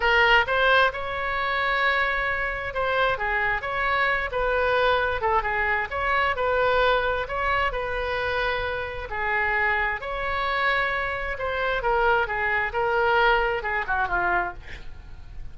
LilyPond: \new Staff \with { instrumentName = "oboe" } { \time 4/4 \tempo 4 = 132 ais'4 c''4 cis''2~ | cis''2 c''4 gis'4 | cis''4. b'2 a'8 | gis'4 cis''4 b'2 |
cis''4 b'2. | gis'2 cis''2~ | cis''4 c''4 ais'4 gis'4 | ais'2 gis'8 fis'8 f'4 | }